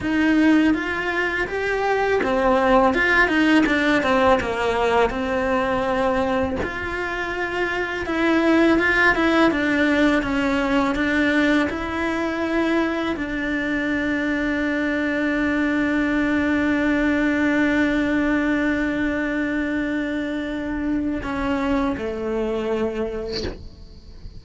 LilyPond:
\new Staff \with { instrumentName = "cello" } { \time 4/4 \tempo 4 = 82 dis'4 f'4 g'4 c'4 | f'8 dis'8 d'8 c'8 ais4 c'4~ | c'4 f'2 e'4 | f'8 e'8 d'4 cis'4 d'4 |
e'2 d'2~ | d'1~ | d'1~ | d'4 cis'4 a2 | }